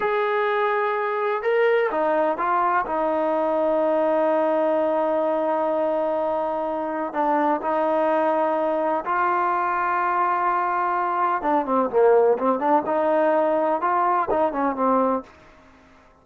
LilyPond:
\new Staff \with { instrumentName = "trombone" } { \time 4/4 \tempo 4 = 126 gis'2. ais'4 | dis'4 f'4 dis'2~ | dis'1~ | dis'2. d'4 |
dis'2. f'4~ | f'1 | d'8 c'8 ais4 c'8 d'8 dis'4~ | dis'4 f'4 dis'8 cis'8 c'4 | }